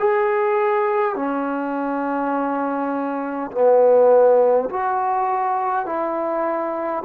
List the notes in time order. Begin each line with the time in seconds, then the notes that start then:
0.00 G#4
1.16 C#4
3.52 B3
4.70 F#4
5.86 E4